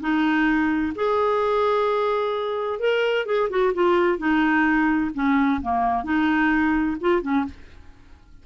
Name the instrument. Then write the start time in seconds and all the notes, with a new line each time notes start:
clarinet
0.00 D#4
0.95 G#4
2.79 A#4
3.26 G#4
3.50 F#4
3.74 F4
4.18 D#4
5.14 C#4
5.62 A#3
6.04 D#4
7.01 F4
7.22 C#4